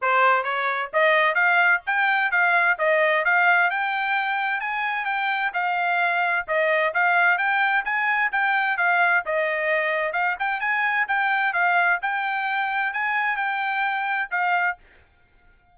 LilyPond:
\new Staff \with { instrumentName = "trumpet" } { \time 4/4 \tempo 4 = 130 c''4 cis''4 dis''4 f''4 | g''4 f''4 dis''4 f''4 | g''2 gis''4 g''4 | f''2 dis''4 f''4 |
g''4 gis''4 g''4 f''4 | dis''2 f''8 g''8 gis''4 | g''4 f''4 g''2 | gis''4 g''2 f''4 | }